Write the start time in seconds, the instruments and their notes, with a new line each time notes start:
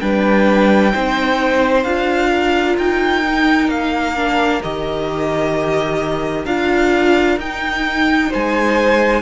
0.00 cello G3, viola D4, violin B4 G5
0.92 cello C4, viola D#4, violin C5
1.83 cello D4, viola F4, violin F5
2.29 violin A#4
2.78 cello D#4, violin G5
3.23 viola D#4
3.68 cello A#3, violin F5
4.16 viola D4
4.63 cello D#3, viola G4, violin D#5
6.45 cello D4, viola F4, violin F5
7.37 cello D#4, viola D#4, violin G5
8.30 cello G#3, violin C5 G#5